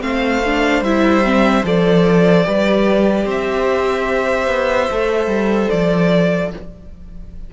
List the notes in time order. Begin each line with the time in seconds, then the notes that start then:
0.00 A3 C4 C5 F5
0.45 D4
0.81 G3 E4 E5
1.24 C4
1.63 F3 A4 D5
2.44 G3 G4 B4
3.25 C4 C5 E5
4.47 B3
4.91 A3 A4
5.27 G3
5.70 F3 D5